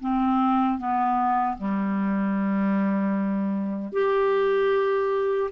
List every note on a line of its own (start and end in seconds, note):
0.00 0.78 C4
0.78 1.57 B3
1.57 3.92 G3
3.92 5.50 G4